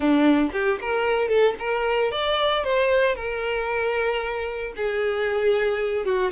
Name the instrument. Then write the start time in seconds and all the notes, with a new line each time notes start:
violin
0.00 D4
0.52 G4
0.81 A#4
1.28 A4
1.59 A#4
2.11 D5
2.64 C5
3.15 A#4
4.76 G#4
6.05 F#4